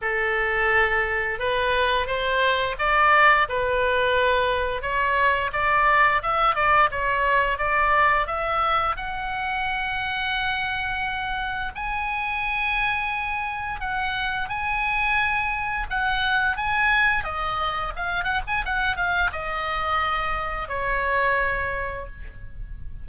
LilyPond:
\new Staff \with { instrumentName = "oboe" } { \time 4/4 \tempo 4 = 87 a'2 b'4 c''4 | d''4 b'2 cis''4 | d''4 e''8 d''8 cis''4 d''4 | e''4 fis''2.~ |
fis''4 gis''2. | fis''4 gis''2 fis''4 | gis''4 dis''4 f''8 fis''16 gis''16 fis''8 f''8 | dis''2 cis''2 | }